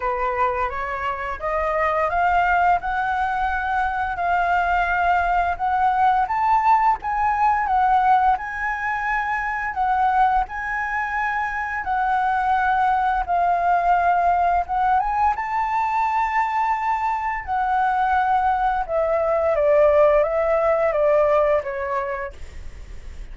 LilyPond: \new Staff \with { instrumentName = "flute" } { \time 4/4 \tempo 4 = 86 b'4 cis''4 dis''4 f''4 | fis''2 f''2 | fis''4 a''4 gis''4 fis''4 | gis''2 fis''4 gis''4~ |
gis''4 fis''2 f''4~ | f''4 fis''8 gis''8 a''2~ | a''4 fis''2 e''4 | d''4 e''4 d''4 cis''4 | }